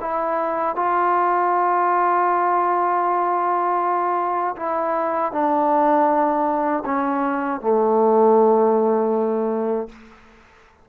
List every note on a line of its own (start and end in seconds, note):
0.00 0.76 E4
0.76 4.55 F4
4.56 5.32 E4
5.32 6.84 D4
6.85 7.61 C#4
7.61 9.89 A3